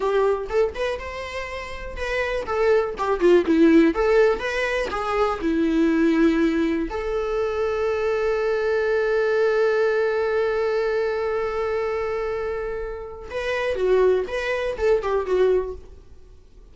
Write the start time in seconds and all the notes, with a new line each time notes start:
0.00 G4
0.49 A4
0.74 B4
0.99 C5
1.96 B4
2.45 A4
2.98 G4
3.20 F4
3.45 E4
3.94 A4
4.39 B4
4.90 G#4
5.41 E4
6.89 A4
13.30 B4
13.75 F#4
14.27 B4
14.77 A4
15.02 G4
15.25 F#4